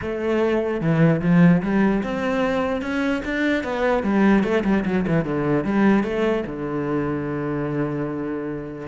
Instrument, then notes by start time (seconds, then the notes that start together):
cello
0.01 A3
0.80 E3
1.21 F3
1.62 G3
2.03 C4
2.81 C#4
3.24 D4
3.63 B3
4.03 G3
4.43 A3
4.64 G3
4.85 F#3
5.07 E3
5.24 D3
5.64 G3
6.03 A3
6.46 D3